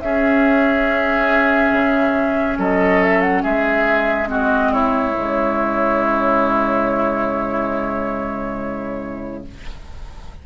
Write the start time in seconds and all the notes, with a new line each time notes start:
0.00 C#4 G#4 E5
1.72 C#3
2.57 F#3 A4 D#5
3.03 E5
3.21 F#5
3.42 G#3 G#4 E5
4.27 C4 F#4 D#5
4.72 E4 C#5
5.14 C#3 G#3